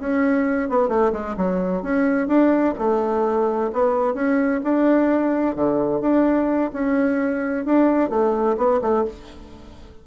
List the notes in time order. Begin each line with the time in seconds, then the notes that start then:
0.00 C#4
0.70 B3
0.89 A3
1.13 G#3
1.37 F#3
1.83 C#4
2.28 D4
2.79 A3
3.73 B3
4.15 C#4
4.64 D4
5.56 D3
6.01 D4
6.73 C#4
7.66 D4
8.10 A3
8.58 B3
8.82 A3